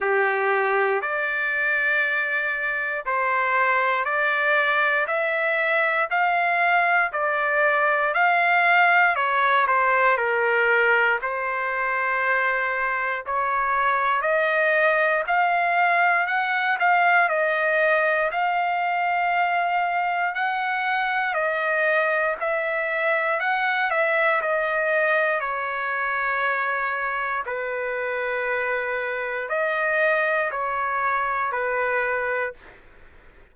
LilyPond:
\new Staff \with { instrumentName = "trumpet" } { \time 4/4 \tempo 4 = 59 g'4 d''2 c''4 | d''4 e''4 f''4 d''4 | f''4 cis''8 c''8 ais'4 c''4~ | c''4 cis''4 dis''4 f''4 |
fis''8 f''8 dis''4 f''2 | fis''4 dis''4 e''4 fis''8 e''8 | dis''4 cis''2 b'4~ | b'4 dis''4 cis''4 b'4 | }